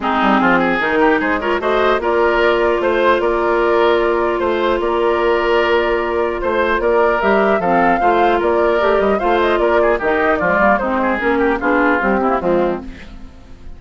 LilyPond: <<
  \new Staff \with { instrumentName = "flute" } { \time 4/4 \tempo 4 = 150 gis'2 ais'4 c''8 cis''8 | dis''4 d''2 c''4 | d''2. c''4 | d''1 |
c''4 d''4 e''4 f''4~ | f''4 d''4. dis''8 f''8 dis''8 | d''4 dis''4 d''4 c''4 | ais'4 gis'4 g'4 f'4 | }
  \new Staff \with { instrumentName = "oboe" } { \time 4/4 dis'4 f'8 gis'4 g'8 gis'8 ais'8 | c''4 ais'2 c''4 | ais'2. c''4 | ais'1 |
c''4 ais'2 a'4 | c''4 ais'2 c''4 | ais'8 gis'8 g'4 f'4 dis'8 gis'8~ | gis'8 g'8 f'4. e'8 c'4 | }
  \new Staff \with { instrumentName = "clarinet" } { \time 4/4 c'2 dis'4. f'8 | fis'4 f'2.~ | f'1~ | f'1~ |
f'2 g'4 c'4 | f'2 g'4 f'4~ | f'4 dis'4 gis8 ais8 c'4 | cis'4 d'4 g8 c'16 ais16 gis4 | }
  \new Staff \with { instrumentName = "bassoon" } { \time 4/4 gis8 g8 f4 dis4 gis4 | a4 ais2 a4 | ais2. a4 | ais1 |
a4 ais4 g4 f4 | a4 ais4 a8 g8 a4 | ais4 dis4 f8 g8 gis4 | ais4 b4 c'4 f4 | }
>>